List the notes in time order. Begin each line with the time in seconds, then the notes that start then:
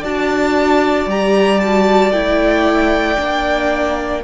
0.00 D4 F#4 D5 A5
1.06 G3 G4 A#5
1.60 F#4 A5
2.11 A3 E4 G5
3.17 A#3 D4